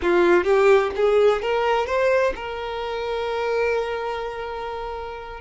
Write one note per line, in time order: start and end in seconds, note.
0.01 0.44 F4
0.44 0.91 G4
0.95 1.42 G#4
1.42 1.86 A#4
1.86 2.33 C5
2.35 5.40 A#4